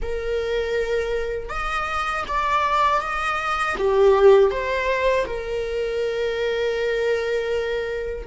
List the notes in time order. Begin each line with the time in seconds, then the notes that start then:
0.02 A#4
1.49 D#5
2.27 D5
3.01 D#5
3.77 G4
4.50 C5
5.26 A#4